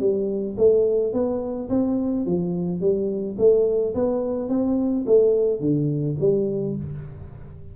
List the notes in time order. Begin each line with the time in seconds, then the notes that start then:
0.00 G3
0.57 A3
1.13 B3
1.70 C4
2.26 F3
2.81 G3
3.38 A3
3.95 B3
4.49 C4
5.06 A3
5.60 D3
6.20 G3